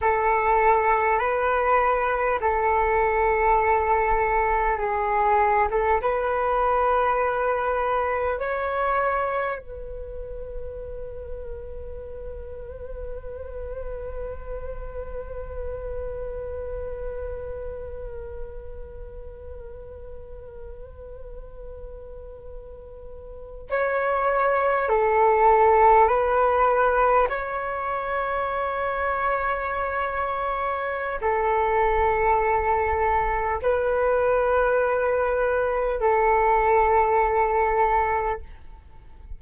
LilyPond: \new Staff \with { instrumentName = "flute" } { \time 4/4 \tempo 4 = 50 a'4 b'4 a'2 | gis'8. a'16 b'2 cis''4 | b'1~ | b'1~ |
b'2.~ b'8. cis''16~ | cis''8. a'4 b'4 cis''4~ cis''16~ | cis''2 a'2 | b'2 a'2 | }